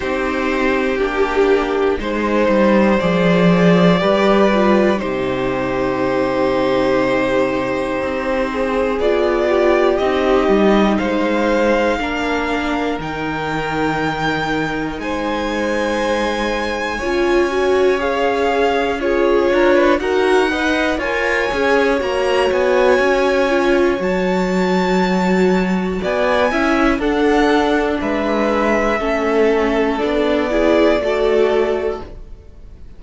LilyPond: <<
  \new Staff \with { instrumentName = "violin" } { \time 4/4 \tempo 4 = 60 c''4 g'4 c''4 d''4~ | d''4 c''2.~ | c''4 d''4 dis''4 f''4~ | f''4 g''2 gis''4~ |
gis''2 f''4 cis''4 | fis''4 gis''4 ais''8 gis''4. | a''2 gis''4 fis''4 | e''2 d''2 | }
  \new Staff \with { instrumentName = "violin" } { \time 4/4 g'2 c''2 | b'4 g'2.~ | g'8 gis'4 g'4. c''4 | ais'2. c''4~ |
c''4 cis''2 gis'8 ais'16 b'16 | ais'8 dis''8 cis''2.~ | cis''2 d''8 e''8 a'4 | b'4 a'4. gis'8 a'4 | }
  \new Staff \with { instrumentName = "viola" } { \time 4/4 dis'4 d'4 dis'4 gis'4 | g'8 f'8 dis'2.~ | dis'4 f'4 dis'2 | d'4 dis'2.~ |
dis'4 f'8 fis'8 gis'4 f'4 | fis'8 b'8 ais'8 gis'8 fis'4. f'8 | fis'2~ fis'8 e'8 d'4~ | d'4 cis'4 d'8 e'8 fis'4 | }
  \new Staff \with { instrumentName = "cello" } { \time 4/4 c'4 ais4 gis8 g8 f4 | g4 c2. | c'4 b4 c'8 g8 gis4 | ais4 dis2 gis4~ |
gis4 cis'2~ cis'8 d'8 | dis'4 f'8 cis'8 ais8 b8 cis'4 | fis2 b8 cis'8 d'4 | gis4 a4 b4 a4 | }
>>